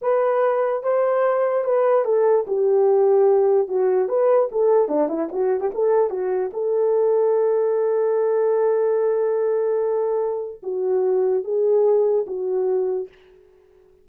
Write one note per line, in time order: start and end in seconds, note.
0.01 0.83 B4
0.83 1.64 C5
1.64 2.04 B4
2.04 2.45 A4
2.47 3.67 G4
3.67 4.08 F#4
4.08 4.49 B4
4.51 4.88 A4
4.88 5.08 D4
5.08 5.29 E4
5.32 5.60 F#4
5.60 5.70 G4
5.74 6.09 A4
6.09 6.50 F#4
6.53 10.61 A4
10.63 11.44 F#4
11.44 12.25 G#4
12.26 13.08 F#4